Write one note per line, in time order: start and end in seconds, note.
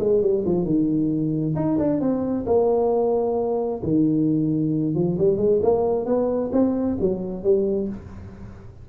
0.00 0.22 G#3
0.22 0.45 G3
0.46 0.65 F3
0.65 1.55 D#3
1.56 1.78 D#4
1.79 2.01 D4
2.01 2.46 C4
2.46 3.82 A#3
3.84 4.95 D#3
4.95 5.18 F3
5.19 5.38 G3
5.38 5.60 G#3
5.62 6.06 A#3
6.06 6.51 B3
6.53 6.98 C4
7.00 7.44 F#3
7.44 7.89 G3